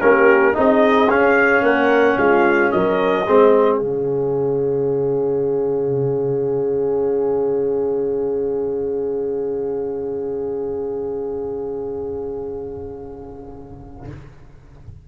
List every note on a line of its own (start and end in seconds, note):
0.00 0.57 A#3
0.00 0.53 C#4
0.00 0.56 G4
0.00 0.55 A#4
0.53 1.10 C4
0.53 1.07 D#4
0.53 1.64 G#4
0.53 1.10 D#5
1.09 3.25 C#4
1.09 1.62 C#4
1.09 1.64 F5
1.62 2.16 A#3
1.62 2.18 A#4
1.62 2.18 F#5
2.17 2.71 G#3
2.17 2.72 F4
2.17 2.71 F5
2.71 3.27 F#3
2.71 3.26 A#4
2.71 3.77 D#5
3.27 3.81 G#3
3.27 3.80 C4
3.27 14.08 G#4
3.77 14.08 C#3
3.77 14.07 C#4
3.77 14.04 F5